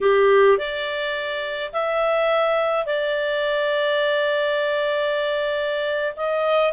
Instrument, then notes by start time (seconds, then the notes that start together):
clarinet
0.01 G4
0.57 D5
1.72 E5
2.86 D5
6.16 D#5